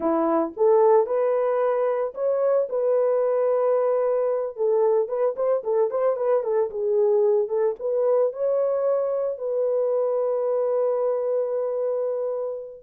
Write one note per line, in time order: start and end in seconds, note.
0.00 0.53 E4
0.56 1.06 A4
1.06 2.13 B4
2.14 2.68 C#5
2.69 4.56 B4
4.56 5.08 A4
5.08 5.35 B4
5.35 5.62 C5
5.63 5.90 A4
5.90 6.16 C5
6.16 6.43 B4
6.43 6.69 A4
6.70 7.48 G#4
7.48 7.75 A4
7.79 8.33 B4
8.33 9.38 C#5
9.38 12.83 B4